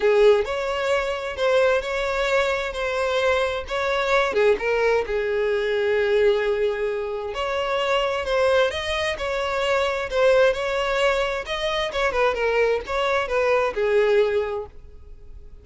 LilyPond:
\new Staff \with { instrumentName = "violin" } { \time 4/4 \tempo 4 = 131 gis'4 cis''2 c''4 | cis''2 c''2 | cis''4. gis'8 ais'4 gis'4~ | gis'1 |
cis''2 c''4 dis''4 | cis''2 c''4 cis''4~ | cis''4 dis''4 cis''8 b'8 ais'4 | cis''4 b'4 gis'2 | }